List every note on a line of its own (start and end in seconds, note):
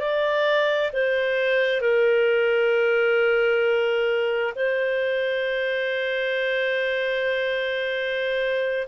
0.00 0.91 D5
0.93 1.81 C5
1.81 4.54 A#4
4.56 8.88 C5